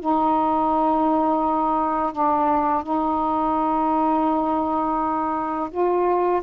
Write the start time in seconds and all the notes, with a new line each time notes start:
0.00 D#4
2.13 D4
2.83 D#4
5.71 F4